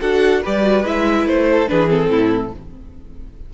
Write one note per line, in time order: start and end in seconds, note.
0.00 0.43 D4
0.00 0.42 F#4
0.00 0.41 A4
0.00 0.42 F#5
0.41 0.85 G3
0.41 0.62 G4
0.41 1.46 B4
0.41 0.85 D5
0.62 0.83 F#4
0.84 1.25 G#3
0.84 1.67 E4
0.84 1.27 E5
1.25 1.67 A3
1.25 1.68 C5
1.51 1.71 A4
1.67 2.09 E3
1.67 1.88 D4
1.67 2.11 G#4
1.67 1.89 B4
1.88 2.51 C4
1.88 2.53 A4
2.09 2.51 A2
2.09 2.53 E4